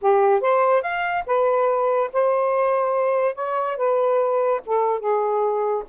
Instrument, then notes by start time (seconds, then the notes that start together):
saxophone
0.01 G4
0.40 C5
0.81 F5
1.26 B4
2.12 C5
3.35 C#5
3.76 B4
4.66 A4
4.99 G#4